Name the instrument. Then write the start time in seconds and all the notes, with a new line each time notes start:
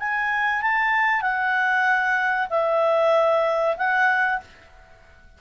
clarinet
0.00 G#5
0.62 A5
1.22 F#5
2.50 E5
3.78 F#5